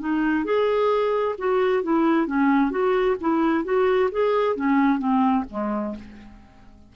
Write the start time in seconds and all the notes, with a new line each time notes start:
0.00 D#4
0.45 G#4
1.39 F#4
1.83 E4
2.27 C#4
2.71 F#4
3.21 E4
3.64 F#4
4.12 G#4
4.56 C#4
4.99 C4
5.50 G#3